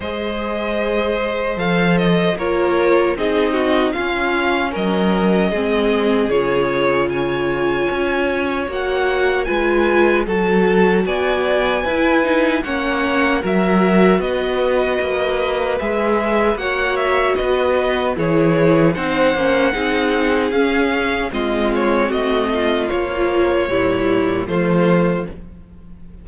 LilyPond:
<<
  \new Staff \with { instrumentName = "violin" } { \time 4/4 \tempo 4 = 76 dis''2 f''8 dis''8 cis''4 | dis''4 f''4 dis''2 | cis''4 gis''2 fis''4 | gis''4 a''4 gis''2 |
fis''4 e''4 dis''2 | e''4 fis''8 e''8 dis''4 cis''4 | fis''2 f''4 dis''8 cis''8 | dis''4 cis''2 c''4 | }
  \new Staff \with { instrumentName = "violin" } { \time 4/4 c''2. ais'4 | gis'8 fis'8 f'4 ais'4 gis'4~ | gis'4 cis''2. | b'4 a'4 d''4 b'4 |
cis''4 ais'4 b'2~ | b'4 cis''4 b'4 gis'4 | c''4 gis'2 f'4 | fis'8 f'4. e'4 f'4 | }
  \new Staff \with { instrumentName = "viola" } { \time 4/4 gis'2 a'4 f'4 | dis'4 cis'2 c'4 | f'2. fis'4 | f'4 fis'2 e'8 dis'8 |
cis'4 fis'2. | gis'4 fis'2 e'4 | dis'8 cis'8 dis'4 cis'4 c'4~ | c'4 f4 g4 a4 | }
  \new Staff \with { instrumentName = "cello" } { \time 4/4 gis2 f4 ais4 | c'4 cis'4 fis4 gis4 | cis2 cis'4 ais4 | gis4 fis4 b4 e'4 |
ais4 fis4 b4 ais4 | gis4 ais4 b4 e4 | c'8 ais8 c'4 cis'4 gis4 | a4 ais4 ais,4 f4 | }
>>